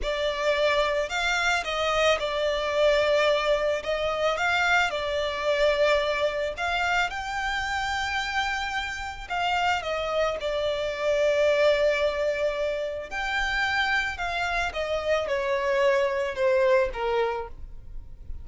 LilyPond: \new Staff \with { instrumentName = "violin" } { \time 4/4 \tempo 4 = 110 d''2 f''4 dis''4 | d''2. dis''4 | f''4 d''2. | f''4 g''2.~ |
g''4 f''4 dis''4 d''4~ | d''1 | g''2 f''4 dis''4 | cis''2 c''4 ais'4 | }